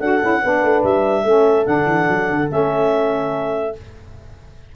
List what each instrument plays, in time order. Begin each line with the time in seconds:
0.00 tuba D4, saxophone F#4, horn A4, clarinet F#5
0.22 tuba C#4, saxophone E4
0.42 tuba B3, saxophone D4, horn B4
0.63 tuba A3
0.84 tuba G3, clarinet E5
1.24 tuba A3, saxophone C#4, horn A4
1.65 tuba D3, saxophone D4, clarinet F#5
1.86 tuba E3
2.09 tuba F#3
2.30 tuba D3
2.48 tuba A3, saxophone C#4, clarinet E5